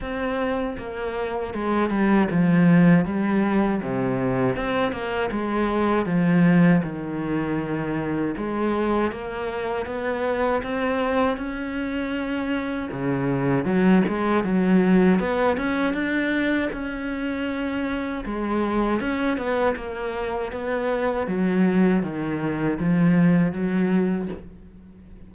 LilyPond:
\new Staff \with { instrumentName = "cello" } { \time 4/4 \tempo 4 = 79 c'4 ais4 gis8 g8 f4 | g4 c4 c'8 ais8 gis4 | f4 dis2 gis4 | ais4 b4 c'4 cis'4~ |
cis'4 cis4 fis8 gis8 fis4 | b8 cis'8 d'4 cis'2 | gis4 cis'8 b8 ais4 b4 | fis4 dis4 f4 fis4 | }